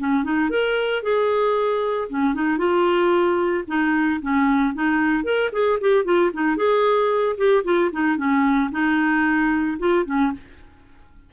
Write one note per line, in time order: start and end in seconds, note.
0.00 0.24 C#4
0.24 0.50 D#4
0.50 1.03 A#4
1.03 2.09 G#4
2.10 2.35 C#4
2.35 2.58 D#4
2.58 3.65 F4
3.68 4.21 D#4
4.22 4.75 C#4
4.75 5.24 D#4
5.24 5.51 A#4
5.53 5.79 G#4
5.81 6.05 G4
6.05 6.32 F4
6.34 6.57 D#4
6.57 7.37 G#4
7.38 7.64 G4
7.65 7.91 F4
7.93 8.18 D#4
8.18 8.71 C#4
8.72 9.78 D#4
9.80 10.06 F4
10.06 10.32 C#4